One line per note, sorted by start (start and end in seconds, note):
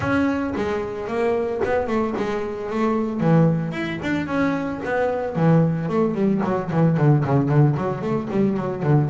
0.00 0.53 C#4
0.55 1.07 G#3
1.07 1.61 A#3
1.64 1.87 B3
1.87 2.14 A3
2.16 2.69 G#3
2.69 3.20 A3
3.20 3.72 E3
3.72 3.99 E4
4.02 4.26 D4
4.26 4.80 C#4
4.85 5.35 B3
5.35 5.88 E3
5.88 6.14 A3
6.14 6.41 G3
6.43 6.70 F#3
6.71 6.97 E3
6.97 7.23 D3
7.24 7.49 C#3
7.49 7.75 D3
7.77 8.01 F#3
8.01 8.28 A3
8.30 8.56 G3
8.56 8.82 F#3
8.82 9.09 D3